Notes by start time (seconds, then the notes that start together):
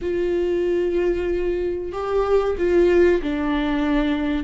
0.01 F4
1.92 G4
2.57 F4
3.22 D4